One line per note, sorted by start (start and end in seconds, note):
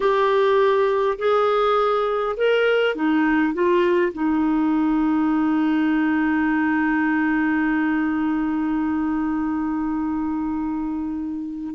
0.00 1.18 G4
1.18 2.36 G#4
2.36 2.95 A#4
2.95 3.53 D#4
3.53 4.12 F4
4.13 11.74 D#4